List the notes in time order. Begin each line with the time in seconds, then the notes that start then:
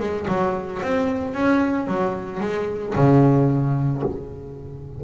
0.00 G#3
0.28 F#3
0.83 C4
1.34 C#4
1.88 F#3
2.40 G#3
2.96 C#3